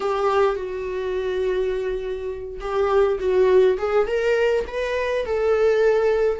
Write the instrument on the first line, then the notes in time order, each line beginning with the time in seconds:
viola
0.00 G4
0.55 F#4
2.60 G4
3.19 F#4
3.78 G#4
4.07 A#4
4.67 B4
5.25 A4